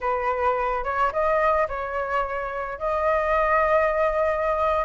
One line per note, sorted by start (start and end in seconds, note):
0.01 0.84 B4
0.84 1.11 C#5
1.12 1.67 D#5
1.68 2.79 C#5
2.79 4.85 D#5